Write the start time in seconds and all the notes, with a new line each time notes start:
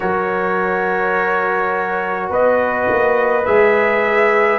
0.00 F#3 F#4 A#4 C#5
2.30 B3 B4 D#5
2.88 A#3
3.45 G#3 G#4 E5